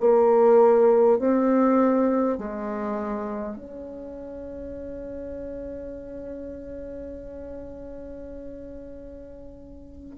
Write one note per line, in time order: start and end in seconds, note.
0.00 1.19 A#3
1.19 2.38 C4
2.38 3.56 G#3
3.56 10.16 C#4